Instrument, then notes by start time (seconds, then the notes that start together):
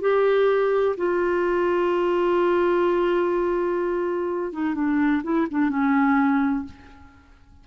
clarinet
0.00 G4
0.97 F4
4.52 D#4
4.74 D4
5.23 E4
5.50 D4
5.69 C#4